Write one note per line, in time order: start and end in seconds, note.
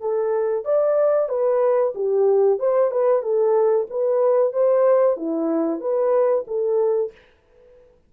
0.00 0.65 A4
0.65 1.28 D5
1.28 1.93 B4
1.94 2.59 G4
2.59 2.91 C5
2.91 3.22 B4
3.22 3.87 A4
3.90 4.52 B4
4.52 5.16 C5
5.16 5.80 E4
5.80 6.45 B4
6.47 7.11 A4